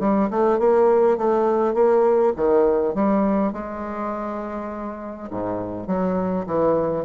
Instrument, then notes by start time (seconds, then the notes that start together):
bassoon
0.00 G3
0.31 A3
0.59 A#3
1.18 A3
1.74 A#3
2.36 D#3
2.94 G3
3.53 G#3
5.30 G#2
5.87 F#3
6.47 E3